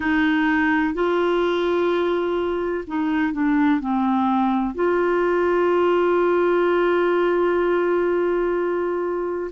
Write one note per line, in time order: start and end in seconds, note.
0.00 0.94 D#4
0.94 2.84 F4
2.87 3.32 D#4
3.32 3.80 D4
3.80 4.74 C4
4.74 9.50 F4